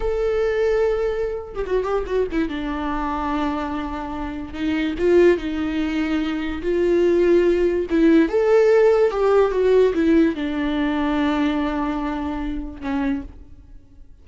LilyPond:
\new Staff \with { instrumentName = "viola" } { \time 4/4 \tempo 4 = 145 a'2.~ a'8. g'16 | fis'8 g'8 fis'8 e'8 d'2~ | d'2. dis'4 | f'4 dis'2. |
f'2. e'4 | a'2 g'4 fis'4 | e'4 d'2.~ | d'2. cis'4 | }